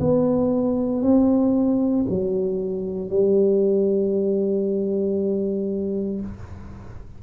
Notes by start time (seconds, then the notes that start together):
0.00 B3
1.03 C4
2.09 F#3
3.10 G3